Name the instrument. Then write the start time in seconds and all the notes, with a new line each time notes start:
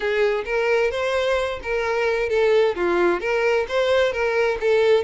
violin
0.00 G#4
0.45 A#4
0.90 C5
1.62 A#4
2.29 A4
2.75 F4
3.20 A#4
3.68 C5
4.12 A#4
4.60 A4